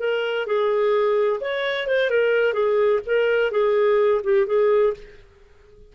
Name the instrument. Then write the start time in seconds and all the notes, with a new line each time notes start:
clarinet
0.00 A#4
0.47 G#4
1.41 C#5
1.87 C5
2.10 A#4
2.53 G#4
3.06 A#4
3.52 G#4
4.24 G4
4.47 G#4